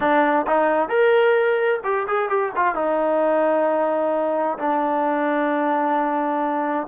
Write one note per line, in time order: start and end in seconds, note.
0.00 0.46 D4
0.46 0.88 D#4
0.88 1.80 A#4
1.84 2.07 G4
2.07 2.29 G#4
2.29 2.52 G4
2.55 2.74 F4
2.74 4.57 D#4
4.58 6.87 D4